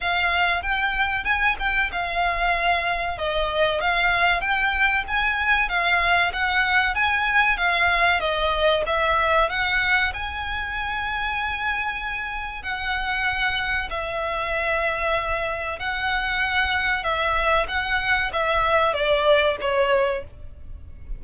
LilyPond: \new Staff \with { instrumentName = "violin" } { \time 4/4 \tempo 4 = 95 f''4 g''4 gis''8 g''8 f''4~ | f''4 dis''4 f''4 g''4 | gis''4 f''4 fis''4 gis''4 | f''4 dis''4 e''4 fis''4 |
gis''1 | fis''2 e''2~ | e''4 fis''2 e''4 | fis''4 e''4 d''4 cis''4 | }